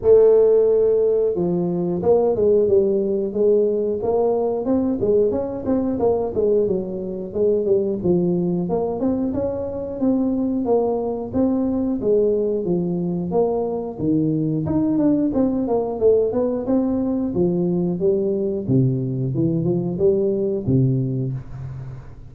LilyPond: \new Staff \with { instrumentName = "tuba" } { \time 4/4 \tempo 4 = 90 a2 f4 ais8 gis8 | g4 gis4 ais4 c'8 gis8 | cis'8 c'8 ais8 gis8 fis4 gis8 g8 | f4 ais8 c'8 cis'4 c'4 |
ais4 c'4 gis4 f4 | ais4 dis4 dis'8 d'8 c'8 ais8 | a8 b8 c'4 f4 g4 | c4 e8 f8 g4 c4 | }